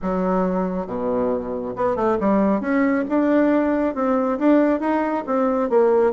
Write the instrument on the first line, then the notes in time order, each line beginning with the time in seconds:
bassoon
0.02 F#3
0.87 B2
1.75 B3
1.95 A3
2.20 G3
2.60 C#4
3.08 D4
3.94 C4
4.39 D4
4.80 D#4
5.26 C4
5.69 A#3